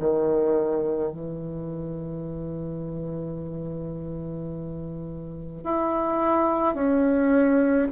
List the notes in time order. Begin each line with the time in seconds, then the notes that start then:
0.00 D#3
1.12 E3
5.64 E4
6.75 C#4